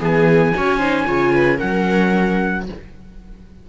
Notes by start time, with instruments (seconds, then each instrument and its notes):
0.00 cello E3, viola B3 G#4, trumpet G#5
0.54 cello C#4, viola F#4 C#5
0.79 viola D#4 C5
1.07 cello C#3, viola F4 C#5
1.33 viola B4
1.58 cello F#3, viola C#4 A#4, trumpet F#5